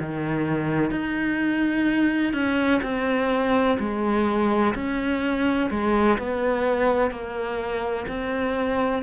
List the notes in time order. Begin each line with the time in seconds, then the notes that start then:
0.00 D#3
0.91 D#4
2.33 C#4
2.83 C4
3.80 G#3
4.75 C#4
5.71 G#3
6.19 B3
7.11 A#3
8.09 C4